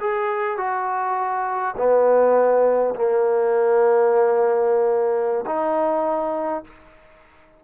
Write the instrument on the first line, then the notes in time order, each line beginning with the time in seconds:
trombone
0.00 G#4
0.57 F#4
1.76 B3
2.95 A#3
5.46 D#4